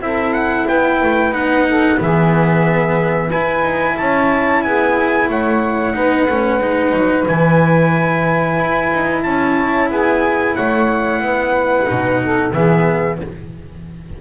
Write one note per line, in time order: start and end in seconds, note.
0.00 0.66 C4
0.00 1.32 E4
0.00 0.68 A4
0.00 0.33 E5
0.33 0.66 F#5
0.68 1.02 B3
0.68 1.67 B4
0.68 1.34 G5
1.02 1.32 A3
1.32 1.98 B3
1.32 1.98 D#4
1.32 1.99 F#5
1.67 1.99 A4
1.98 3.31 E3
1.98 3.30 B3
1.98 3.27 G#4
1.98 3.31 E5
3.27 3.62 E4
3.27 3.93 B4
3.27 3.97 G#5
3.34 5.93 E4
3.62 3.95 D#4
3.97 4.64 C#4
3.97 4.64 C#5
3.97 4.62 A5
4.62 5.29 B3
4.62 5.28 G#4
4.62 5.28 G#5
5.28 5.95 A3
5.28 5.94 C#5
5.28 7.27 F#5
5.93 6.28 B3
5.93 6.26 D#4
5.93 9.23 B4
6.28 6.60 A3
6.28 6.60 C#4
6.60 6.93 G#3
6.60 7.26 D#4
6.93 7.26 F#3
7.27 8.58 E3
7.27 11.85 E4
7.27 9.23 G#5
8.58 8.91 E4
8.93 9.24 D#4
9.23 9.90 C#4
9.23 9.88 C#5
9.23 9.89 A5
9.88 10.56 B3
9.88 10.54 G#4
9.88 10.55 G#5
10.54 11.21 A3
10.54 11.20 C#5
10.54 12.53 F#5
11.21 11.87 B3
11.21 12.22 B4
11.85 12.52 B2
11.85 12.51 D#4
12.22 12.54 A4
12.52 13.18 E3
12.52 13.20 B3
12.52 13.20 G#4
12.52 13.19 E5